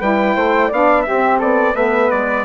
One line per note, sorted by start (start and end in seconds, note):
0.00 0.36 G3
0.00 0.70 E4
0.00 0.35 B4
0.00 0.72 G5
0.35 0.71 A3
0.35 0.68 C5
0.68 1.06 B3
0.68 1.07 D4
0.68 1.03 D5
0.68 1.02 F5
1.02 1.75 C4
1.02 1.38 G4
1.02 1.37 E5
1.09 1.42 C4
1.38 1.74 B3
1.38 1.73 A4
1.38 1.76 D5
1.74 2.09 A3
1.74 2.45 B3
1.74 2.44 B4
1.74 2.11 E5
2.11 2.45 G#3
2.11 2.45 D5